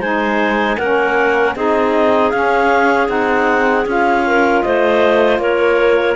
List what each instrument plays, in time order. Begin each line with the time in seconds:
0.00 cello G#3, saxophone D#4, clarinet C5 G#5
0.78 cello A#3, saxophone C#4, clarinet A#4 F#5
1.56 cello C4, saxophone D#4, clarinet G#4 D#5
2.31 saxophone C#4, cello C#4, clarinet F5
3.08 cello C4, saxophone D#4, clarinet F#5
3.86 cello C#4, saxophone F4, clarinet F5
4.27 clarinet A#4
4.62 cello A3, clarinet C5 D#5
5.39 cello A#3, clarinet A#4 C#5